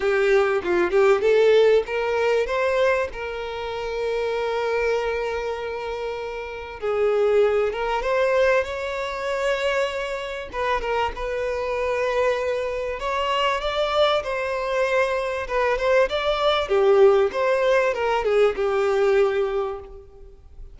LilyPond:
\new Staff \with { instrumentName = "violin" } { \time 4/4 \tempo 4 = 97 g'4 f'8 g'8 a'4 ais'4 | c''4 ais'2.~ | ais'2. gis'4~ | gis'8 ais'8 c''4 cis''2~ |
cis''4 b'8 ais'8 b'2~ | b'4 cis''4 d''4 c''4~ | c''4 b'8 c''8 d''4 g'4 | c''4 ais'8 gis'8 g'2 | }